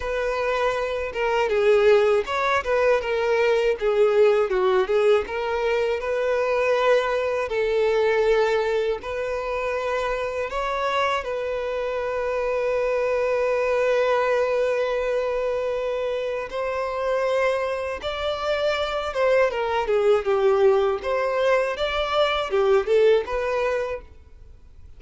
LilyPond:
\new Staff \with { instrumentName = "violin" } { \time 4/4 \tempo 4 = 80 b'4. ais'8 gis'4 cis''8 b'8 | ais'4 gis'4 fis'8 gis'8 ais'4 | b'2 a'2 | b'2 cis''4 b'4~ |
b'1~ | b'2 c''2 | d''4. c''8 ais'8 gis'8 g'4 | c''4 d''4 g'8 a'8 b'4 | }